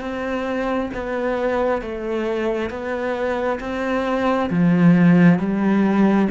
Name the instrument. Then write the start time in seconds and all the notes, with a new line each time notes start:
cello
0.00 C4
0.94 B3
1.81 A3
2.69 B3
3.59 C4
4.49 F3
5.39 G3